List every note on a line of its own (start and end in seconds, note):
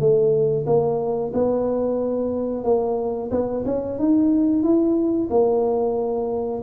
0.00 0.66 A3
0.67 1.32 A#3
1.34 2.65 B3
2.65 3.31 A#3
3.31 3.64 B3
3.66 3.99 C#4
3.99 4.63 D#4
4.63 5.29 E4
5.31 6.63 A#3